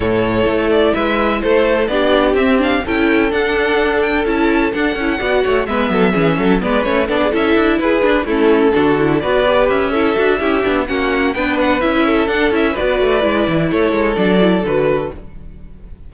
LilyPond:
<<
  \new Staff \with { instrumentName = "violin" } { \time 4/4 \tempo 4 = 127 cis''4. d''8 e''4 c''4 | d''4 e''8 f''8 g''4 fis''4~ | fis''8 g''8 a''4 fis''2 | e''2 d''8 cis''8 d''8 e''8~ |
e''8 b'4 a'2 d''8~ | d''8 e''2~ e''8 fis''4 | g''8 fis''8 e''4 fis''8 e''8 d''4~ | d''4 cis''4 d''4 b'4 | }
  \new Staff \with { instrumentName = "violin" } { \time 4/4 a'2 b'4 a'4 | g'2 a'2~ | a'2. d''8 cis''8 | b'8 a'8 gis'8 a'8 b'4 a'16 gis'16 a'8~ |
a'8 gis'4 e'4 fis'4 b'8~ | b'4 a'4 g'4 fis'4 | b'4. a'4. b'4~ | b'4 a'2. | }
  \new Staff \with { instrumentName = "viola" } { \time 4/4 e'1 | d'4 c'8 d'8 e'4 d'4~ | d'4 e'4 d'8 e'8 fis'4 | b4 cis'4 b8 cis'8 d'8 e'8~ |
e'4 d'8 cis'4 d'8 e'8 fis'8 | g'4 e'8 fis'8 e'8 d'8 cis'4 | d'4 e'4 d'8 e'8 fis'4 | e'2 d'8 e'8 fis'4 | }
  \new Staff \with { instrumentName = "cello" } { \time 4/4 a,4 a4 gis4 a4 | b4 c'4 cis'4 d'4~ | d'4 cis'4 d'8 cis'8 b8 a8 | gis8 fis8 e8 fis8 gis8 a8 b8 cis'8 |
d'8 e'8 d'8 a4 d4 b8~ | b8 cis'4 d'8 cis'8 b8 ais4 | b4 cis'4 d'8 cis'8 b8 a8 | gis8 e8 a8 gis8 fis4 d4 | }
>>